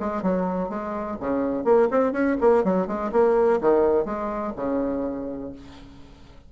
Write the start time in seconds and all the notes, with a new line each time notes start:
0.00 G#3
0.23 F#3
0.69 G#3
1.20 C#3
1.65 A#3
1.91 C4
2.13 C#4
2.41 A#3
2.64 F#3
2.88 G#3
3.12 A#3
3.62 D#3
4.06 G#3
4.56 C#3